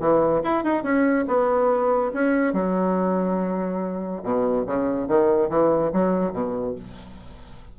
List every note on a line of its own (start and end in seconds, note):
0.00 0.42 E3
0.44 0.64 E4
0.64 0.83 D#4
0.83 1.25 C#4
1.28 2.12 B3
2.14 2.54 C#4
2.54 4.23 F#3
4.23 4.66 B2
4.66 5.08 C#3
5.08 5.49 D#3
5.49 5.92 E3
5.93 6.33 F#3
6.33 6.75 B2